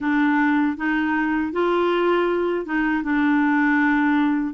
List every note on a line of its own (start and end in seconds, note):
0.00 0.76 D4
0.76 1.52 D#4
1.52 2.65 F4
2.65 3.03 D#4
3.03 4.54 D4